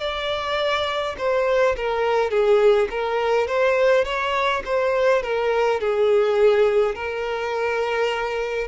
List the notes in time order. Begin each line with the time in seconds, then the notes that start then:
0.00 D5
1.17 C5
1.76 A#4
2.30 G#4
2.90 A#4
3.47 C5
4.04 C#5
4.65 C5
5.22 A#4
5.80 G#4
6.94 A#4